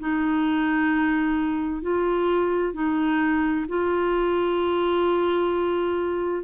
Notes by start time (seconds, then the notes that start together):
0.00 D#4
1.83 F4
2.74 D#4
3.69 F4